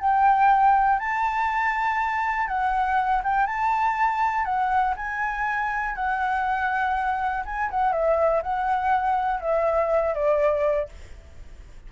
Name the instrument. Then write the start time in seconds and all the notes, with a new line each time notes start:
flute
0.00 G5
1.00 A5
2.48 F#5
3.24 G5
3.47 A5
4.45 F#5
4.96 G#5
5.95 F#5
7.45 G#5
7.71 F#5
7.93 E5
8.42 F#5
9.41 E5
10.15 D5